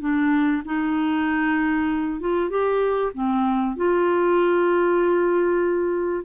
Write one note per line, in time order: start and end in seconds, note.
0.00 0.62 D4
0.65 2.20 D#4
2.20 2.50 F4
2.50 3.12 G4
3.14 3.76 C4
3.76 6.25 F4